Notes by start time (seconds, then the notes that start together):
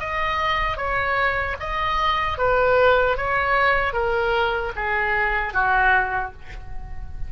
0.00 D#5
0.77 C#5
1.60 D#5
2.38 B4
3.17 C#5
3.93 A#4
4.76 G#4
5.53 F#4